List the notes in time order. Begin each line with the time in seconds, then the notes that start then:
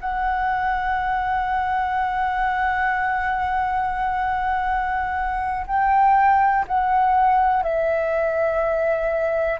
0.00 F#5
5.66 G5
6.67 F#5
7.63 E5